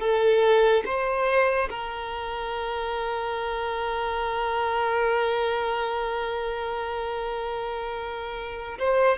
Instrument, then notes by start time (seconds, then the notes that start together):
violin
0.00 A4
0.86 C5
1.70 A#4
8.78 C5